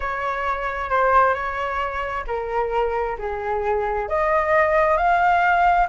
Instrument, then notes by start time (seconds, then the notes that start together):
flute
0.00 C#5
0.90 C5
1.33 C#5
2.27 A#4
3.18 G#4
4.08 D#5
4.97 F5